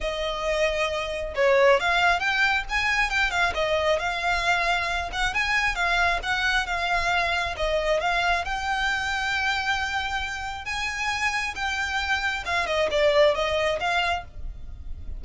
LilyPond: \new Staff \with { instrumentName = "violin" } { \time 4/4 \tempo 4 = 135 dis''2. cis''4 | f''4 g''4 gis''4 g''8 f''8 | dis''4 f''2~ f''8 fis''8 | gis''4 f''4 fis''4 f''4~ |
f''4 dis''4 f''4 g''4~ | g''1 | gis''2 g''2 | f''8 dis''8 d''4 dis''4 f''4 | }